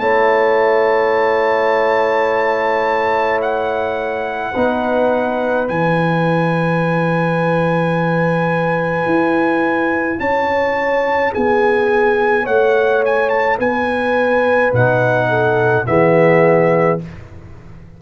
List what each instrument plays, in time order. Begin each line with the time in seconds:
0.00 tuba A3, trombone E4, horn C#5, trumpet A5
3.42 trumpet F#5
4.51 tuba B3, trombone D#4, horn B4
5.67 tuba E3, trombone E4, trumpet G#5
9.06 tuba E4
10.20 tuba C#4, horn C#5, trumpet A5
11.32 tuba B3, horn G#4, trumpet G#5
12.44 tuba A3, horn C#5, trumpet F#5
13.05 trumpet G#5
13.29 trumpet A5
13.58 tuba B3, horn B4, trumpet G#5
14.73 tuba B2, trombone D#4, trumpet F#5
15.29 horn A4
15.85 tuba E3, trombone B3, horn G#4, trumpet E5